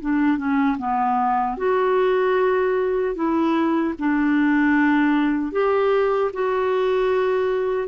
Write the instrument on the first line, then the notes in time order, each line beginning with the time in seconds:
clarinet
0.00 D4
0.37 C#4
0.78 B3
1.57 F#4
3.15 E4
3.99 D4
5.52 G4
6.33 F#4